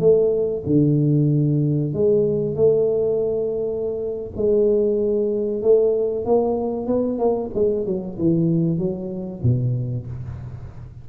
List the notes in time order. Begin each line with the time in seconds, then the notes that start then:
0.00 A3
0.67 D3
1.94 G#3
2.56 A3
4.37 G#3
5.62 A3
6.25 A#3
6.87 B3
7.19 A#3
7.55 G#3
7.86 F#3
8.18 E3
8.78 F#3
9.43 B2